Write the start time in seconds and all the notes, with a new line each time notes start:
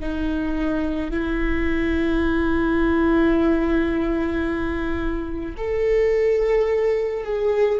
0.00 D#4
1.11 E4
5.57 A4
7.24 G#4